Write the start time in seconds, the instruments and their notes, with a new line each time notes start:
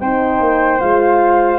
0.00 tuba C4, horn D#4, flute C5 G5
0.40 tuba A#3
0.80 tuba G#3, horn F4, flute F5